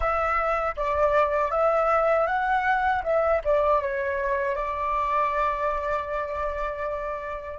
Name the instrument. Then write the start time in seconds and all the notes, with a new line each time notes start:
flute
0.00 E5
0.76 D5
1.51 E5
2.26 F#5
3.03 E5
3.44 D5
3.81 C#5
4.55 D5